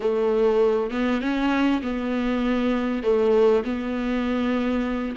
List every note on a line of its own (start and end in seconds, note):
0.00 0.90 A3
0.90 1.21 B3
1.21 1.81 C#4
1.82 3.03 B3
3.03 3.64 A3
3.64 5.16 B3